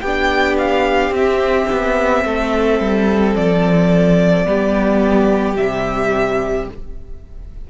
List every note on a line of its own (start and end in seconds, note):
0.00 1.10 B3
0.00 1.15 D4
0.00 2.24 G4
0.00 0.56 G5
0.57 1.13 F5
1.10 1.66 C4
1.10 4.45 C4
1.10 3.35 E5
1.71 2.24 B3
2.24 2.79 A3
2.24 4.47 A4
2.79 3.35 G3
3.35 4.46 F3
3.35 5.56 D5
4.45 5.56 G3
4.45 5.56 B3
4.45 6.69 G4
5.56 6.67 C3
5.56 6.70 G3
5.56 6.67 E5